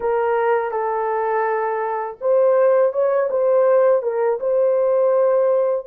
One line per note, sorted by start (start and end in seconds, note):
0.00 0.71 A#4
0.71 2.17 A4
2.20 2.92 C5
2.92 3.29 C#5
3.30 4.02 C5
4.02 4.39 A#4
4.40 5.86 C5